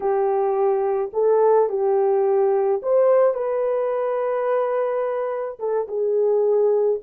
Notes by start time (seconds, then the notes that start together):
0.00 G4
1.13 A4
1.69 G4
2.82 C5
3.34 B4
5.59 A4
5.88 G#4